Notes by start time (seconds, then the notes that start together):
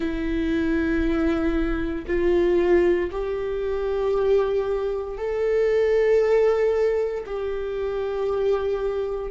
0.00 E4
2.06 F4
3.11 G4
5.17 A4
7.26 G4